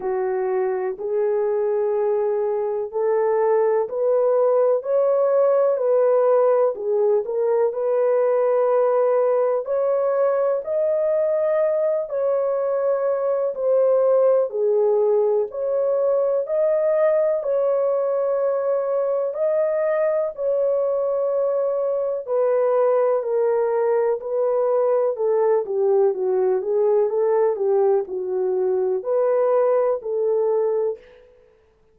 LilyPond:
\new Staff \with { instrumentName = "horn" } { \time 4/4 \tempo 4 = 62 fis'4 gis'2 a'4 | b'4 cis''4 b'4 gis'8 ais'8 | b'2 cis''4 dis''4~ | dis''8 cis''4. c''4 gis'4 |
cis''4 dis''4 cis''2 | dis''4 cis''2 b'4 | ais'4 b'4 a'8 g'8 fis'8 gis'8 | a'8 g'8 fis'4 b'4 a'4 | }